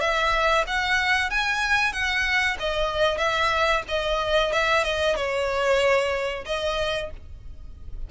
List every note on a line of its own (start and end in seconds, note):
0.00 0.65 E5
0.67 1.30 F#5
1.30 1.92 G#5
1.92 2.57 F#5
2.59 3.18 D#5
3.18 3.82 E5
3.88 4.52 D#5
4.52 4.84 E5
4.84 5.16 D#5
5.16 6.45 C#5
6.45 7.10 D#5